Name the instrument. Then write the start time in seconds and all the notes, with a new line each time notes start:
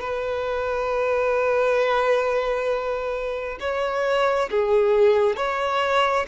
violin
0.00 B4
3.59 C#5
4.50 G#4
5.36 C#5